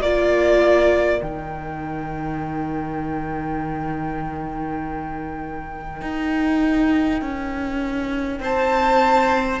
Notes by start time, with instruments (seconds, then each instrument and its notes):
0.00 cello A#3, viola F4, violin A#4 D5
1.19 cello D#3, viola D#4, violin G5
6.01 cello D#4
7.21 cello C#4
8.39 cello C4, violin C5 A5